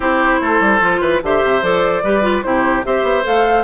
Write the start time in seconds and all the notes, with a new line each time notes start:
0.00 C4 E4 G4 C5
0.41 A3 A4
0.60 G3
0.80 F3 F4
1.00 E3 B4
1.22 D3 G4 C5 E5
1.43 C3
1.62 F3 A4 D5
2.03 G3 G4 B4
2.21 F4
2.42 C3 E4 G4 C5
2.83 C4 G4 C5 E5
3.03 B3
3.23 A3 A4 F5